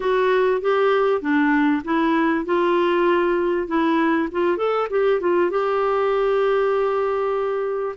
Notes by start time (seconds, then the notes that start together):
0.00 F#4
0.61 G4
1.21 D4
1.84 E4
2.45 F4
3.67 E4
4.31 F4
4.57 A4
4.90 G4
5.20 F4
5.50 G4